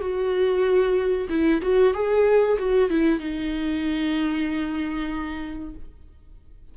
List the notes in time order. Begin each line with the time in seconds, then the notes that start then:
0.00 F#4
1.29 E4
1.62 F#4
1.94 G#4
2.59 F#4
2.90 E4
3.19 D#4